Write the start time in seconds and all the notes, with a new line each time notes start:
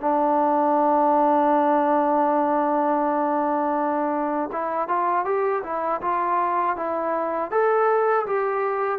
0.00 D4
4.52 E4
4.88 F4
5.25 G4
5.63 E4
6.01 F4
6.76 E4
7.51 A4
8.26 G4